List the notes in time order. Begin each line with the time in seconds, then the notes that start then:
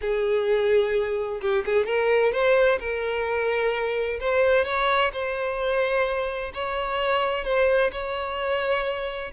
0.01 G#4
1.41 G4
1.65 G#4
1.86 A#4
2.32 C5
2.79 A#4
4.20 C5
4.64 C#5
5.12 C5
6.54 C#5
7.44 C5
7.92 C#5